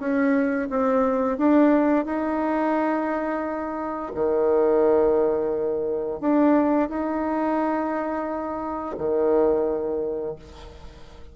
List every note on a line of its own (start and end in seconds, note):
0.00 0.69 C#4
0.70 1.38 C4
1.38 2.05 D4
2.05 4.12 D#4
4.15 6.20 D#3
6.20 6.89 D4
6.89 8.96 D#4
8.98 10.36 D#3